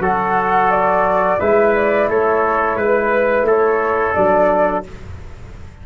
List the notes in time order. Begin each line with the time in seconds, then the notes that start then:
0.00 F#3 F#4 A4 F#5
0.71 D5
1.40 G#3 E4 B4 E5
1.75 D5
2.08 A3 A4 C#5
2.77 G#3 B4
3.43 A3 A4
3.49 C#5
4.14 F#3 D4 D5